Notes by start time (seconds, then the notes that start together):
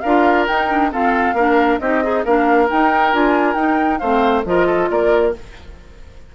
0.00 D4 F4 A#4 F5
0.47 D#4 G5
0.69 D4
0.91 C4 F4 A4 F5
1.33 A#3 D4 A#4
1.79 C4 D#4 G4 D#5
2.03 D#4 G#4
2.24 A#3 D4 A#4 F5
2.68 D#4 G5
3.12 D4 F4 G#5
3.54 D#4 G5
3.98 A3 C4 C5 F5
4.44 F3 F4 A#4 D#5
4.67 A4
4.90 A#3 A#4 D5